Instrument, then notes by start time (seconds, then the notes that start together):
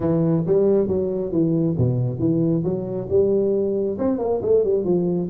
tuba
0.00 E3
0.46 G3
0.87 F#3
1.32 E3
1.77 B2
2.19 E3
2.64 F#3
3.09 G3
3.98 C4
4.18 A#3
4.41 A3
4.64 G3
4.84 F3